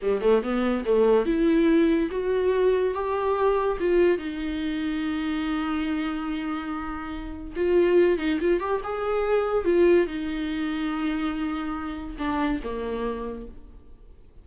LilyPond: \new Staff \with { instrumentName = "viola" } { \time 4/4 \tempo 4 = 143 g8 a8 b4 a4 e'4~ | e'4 fis'2 g'4~ | g'4 f'4 dis'2~ | dis'1~ |
dis'2 f'4. dis'8 | f'8 g'8 gis'2 f'4 | dis'1~ | dis'4 d'4 ais2 | }